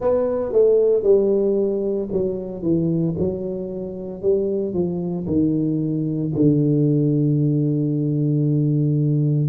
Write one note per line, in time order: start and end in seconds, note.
0.00 0.52 B3
0.52 1.02 A3
1.02 2.08 G3
2.11 2.62 F#3
2.62 3.15 E3
3.18 4.22 F#3
4.22 4.73 G3
4.73 5.26 F3
5.26 6.32 D#3
6.34 9.48 D3